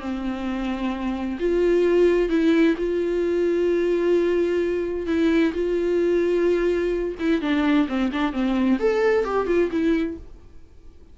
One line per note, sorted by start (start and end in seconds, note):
0.00 1.38 C4
1.40 2.29 F4
2.29 2.75 E4
2.78 5.07 F4
5.07 5.53 E4
5.54 7.15 F4
7.19 7.41 E4
7.41 7.87 D4
7.88 8.11 C4
8.12 8.33 D4
8.33 8.79 C4
8.79 9.24 A4
9.24 9.47 G4
9.47 9.70 F4
9.71 10.17 E4